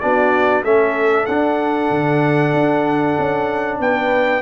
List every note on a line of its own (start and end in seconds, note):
0.00 0.64 B3
0.00 0.64 D4
0.00 0.64 F#4
0.00 0.63 D5
0.64 1.27 A3
0.64 1.28 C#4
0.64 3.79 A4
0.64 1.26 E5
1.26 1.90 D4
1.26 4.42 D4
1.26 3.78 F#5
1.90 2.53 D3
2.53 3.16 D4
3.19 3.79 C#4
3.79 4.42 B3
3.79 4.42 B4
3.79 4.42 G5